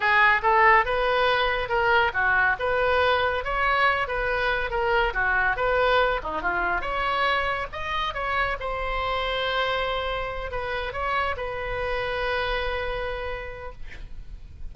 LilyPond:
\new Staff \with { instrumentName = "oboe" } { \time 4/4 \tempo 4 = 140 gis'4 a'4 b'2 | ais'4 fis'4 b'2 | cis''4. b'4. ais'4 | fis'4 b'4. dis'8 f'4 |
cis''2 dis''4 cis''4 | c''1~ | c''8 b'4 cis''4 b'4.~ | b'1 | }